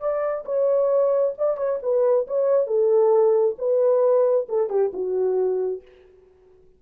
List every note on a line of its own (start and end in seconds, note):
0.00 0.44 D5
0.45 1.34 C#5
1.38 1.57 D5
1.57 1.79 C#5
1.82 2.27 B4
2.27 2.67 C#5
2.67 3.56 A4
3.59 4.47 B4
4.49 4.70 A4
4.70 4.92 G4
4.93 5.82 F#4